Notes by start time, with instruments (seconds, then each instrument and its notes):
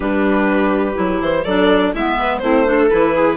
0.00 bassoon G3, clarinet D4, viola G4, violin B4
0.94 bassoon F#3, clarinet E4
1.20 bassoon E3, violin C5
1.44 bassoon F#3, clarinet D4, viola A4, violin D5
1.93 bassoon G#3, clarinet B3, viola E4, violin E5
2.18 viola B4
2.38 bassoon A3, clarinet C4, viola E4, violin C5
2.66 clarinet D4, viola A4
2.90 bassoon E3, clarinet E4, violin B4
3.15 viola G#4